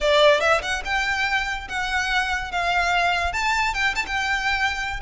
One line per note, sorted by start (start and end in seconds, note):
0.00 0.40 D5
0.40 0.61 E5
0.61 0.82 F#5
0.84 1.68 G5
1.68 2.51 F#5
2.51 3.32 F5
3.32 3.74 A5
3.74 3.95 G5
3.95 4.05 A5
4.06 5.00 G5